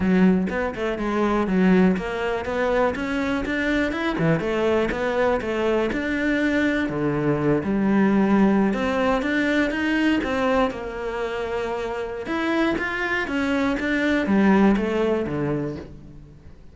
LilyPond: \new Staff \with { instrumentName = "cello" } { \time 4/4 \tempo 4 = 122 fis4 b8 a8 gis4 fis4 | ais4 b4 cis'4 d'4 | e'8 e8 a4 b4 a4 | d'2 d4. g8~ |
g4.~ g16 c'4 d'4 dis'16~ | dis'8. c'4 ais2~ ais16~ | ais4 e'4 f'4 cis'4 | d'4 g4 a4 d4 | }